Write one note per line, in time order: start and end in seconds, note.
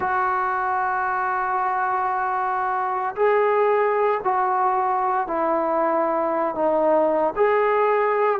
0.00 3.15 F#4
3.15 4.21 G#4
4.23 5.27 F#4
5.27 6.55 E4
6.55 7.33 D#4
7.36 8.40 G#4